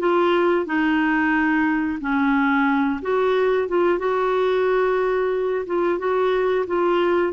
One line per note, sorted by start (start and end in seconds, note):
0.00 0.66 F4
0.66 2.00 D#4
2.01 3.01 C#4
3.02 3.69 F#4
3.69 3.99 F4
3.99 5.66 F#4
5.67 5.99 F4
5.99 6.66 F#4
6.67 7.34 F4